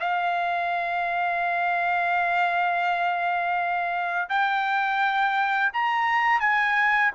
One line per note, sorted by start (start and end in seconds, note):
0.00 4.29 F5
4.29 5.72 G5
5.73 6.40 A#5
6.40 7.11 G#5